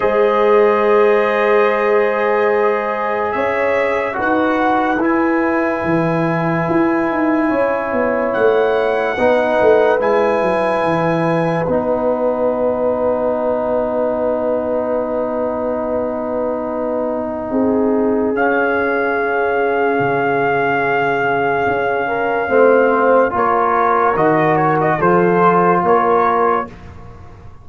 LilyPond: <<
  \new Staff \with { instrumentName = "trumpet" } { \time 4/4 \tempo 4 = 72 dis''1 | e''4 fis''4 gis''2~ | gis''2 fis''2 | gis''2 fis''2~ |
fis''1~ | fis''2 f''2~ | f''1 | cis''4 dis''8 cis''16 dis''16 c''4 cis''4 | }
  \new Staff \with { instrumentName = "horn" } { \time 4/4 c''1 | cis''4 b'2.~ | b'4 cis''2 b'4~ | b'1~ |
b'1~ | b'4 gis'2.~ | gis'2~ gis'8 ais'8 c''4 | ais'2 a'4 ais'4 | }
  \new Staff \with { instrumentName = "trombone" } { \time 4/4 gis'1~ | gis'4 fis'4 e'2~ | e'2. dis'4 | e'2 dis'2~ |
dis'1~ | dis'2 cis'2~ | cis'2. c'4 | f'4 fis'4 f'2 | }
  \new Staff \with { instrumentName = "tuba" } { \time 4/4 gis1 | cis'4 dis'4 e'4 e4 | e'8 dis'8 cis'8 b8 a4 b8 a8 | gis8 fis8 e4 b2~ |
b1~ | b4 c'4 cis'2 | cis2 cis'4 a4 | ais4 dis4 f4 ais4 | }
>>